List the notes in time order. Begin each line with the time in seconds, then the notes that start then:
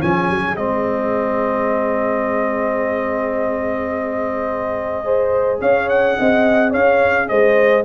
0.00 F3 C#4 G#4 G#5
0.30 F#3
0.57 G#3 C4 D#5
5.05 G#4 C5
5.61 C#4 C#5 F5
5.89 F#5
6.19 C4 D#5
6.71 C#4 C#5 F5
7.29 G#3 C5 D#5